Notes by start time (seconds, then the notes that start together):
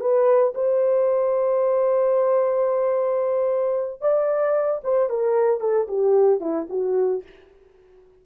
0.00 B4
0.55 C5
4.01 D5
4.84 C5
5.09 A#4
5.60 A4
5.88 G4
6.40 E4
6.70 F#4